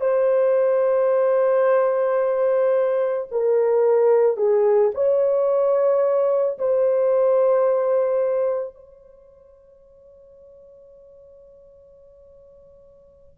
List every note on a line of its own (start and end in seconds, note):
0.00 3.27 C5
3.31 4.36 A#4
4.36 4.91 G#4
4.94 6.58 C#5
6.58 8.74 C5
8.74 13.38 C#5